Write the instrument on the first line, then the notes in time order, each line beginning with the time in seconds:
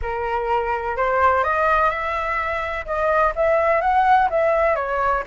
flute
0.02 A#4
0.96 C5
1.43 D#5
1.90 E5
2.85 D#5
3.35 E5
3.81 F#5
4.30 E5
4.75 C#5